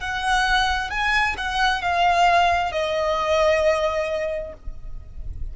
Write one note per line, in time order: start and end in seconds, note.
0.00 0.90 F#5
0.90 1.36 G#5
1.38 1.82 F#5
1.82 2.72 F5
2.72 4.54 D#5